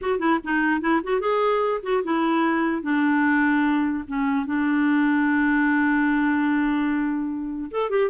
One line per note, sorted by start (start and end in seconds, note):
0.01 0.19 F#4
0.19 0.39 E4
0.43 0.81 D#4
0.81 1.01 E4
1.03 1.20 F#4
1.20 1.81 G#4
1.82 2.03 F#4
2.03 2.82 E4
2.82 4.04 D4
4.07 4.46 C#4
4.46 7.70 D4
7.71 7.90 A4
7.90 8.10 G4